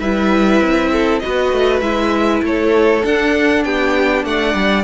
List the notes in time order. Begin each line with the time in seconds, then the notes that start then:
0.00 G3 E4 B4 E5
0.61 C4
0.93 A4
1.19 B3 F#4 B4 D#5
1.53 A3
1.80 G#3 E4 E5
2.43 A3 A4 C#5
3.04 D4 F#5
3.64 B3 G4 G5
4.25 A3 D5 F#5
4.54 G3